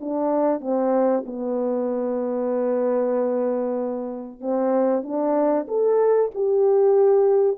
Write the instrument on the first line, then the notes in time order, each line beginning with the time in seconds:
horn
0.00 D4
0.60 C4
1.25 B3
4.40 C4
5.03 D4
5.68 A4
6.34 G4